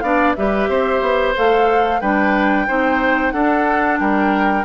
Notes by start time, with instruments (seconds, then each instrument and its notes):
0.00 bassoon B3, clarinet D4, oboe D5, flute F5
0.35 bassoon G3, clarinet G4, oboe B4, flute E5
0.68 bassoon C4, oboe C5
1.01 bassoon B3
1.36 bassoon A3, clarinet A4, flute F5
2.00 bassoon G3, clarinet D4, oboe B4, flute G5
2.67 bassoon C4, clarinet D#4, oboe C5
3.31 bassoon D4, clarinet D4, oboe A4, flute F#5
3.99 bassoon G3, oboe A#4, flute G5